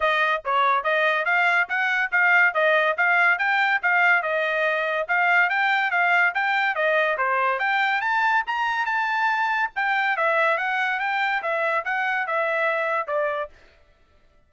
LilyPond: \new Staff \with { instrumentName = "trumpet" } { \time 4/4 \tempo 4 = 142 dis''4 cis''4 dis''4 f''4 | fis''4 f''4 dis''4 f''4 | g''4 f''4 dis''2 | f''4 g''4 f''4 g''4 |
dis''4 c''4 g''4 a''4 | ais''4 a''2 g''4 | e''4 fis''4 g''4 e''4 | fis''4 e''2 d''4 | }